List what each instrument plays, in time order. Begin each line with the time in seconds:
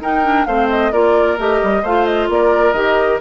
0.00 bassoon D#4, clarinet D#4, oboe A#4, flute G5
0.23 clarinet D4
0.45 bassoon A3, clarinet C4, oboe C5, flute F5
0.69 flute D#5
0.92 bassoon A#3, clarinet F4, oboe A#4, flute D5
1.38 bassoon A3, clarinet G4, flute D#5
1.63 bassoon G3
1.82 bassoon A3, clarinet F4, oboe C5, flute F5
2.05 flute D#5
2.29 bassoon A#3, oboe A#4, flute D5
2.72 bassoon D#3, clarinet G4, flute D#5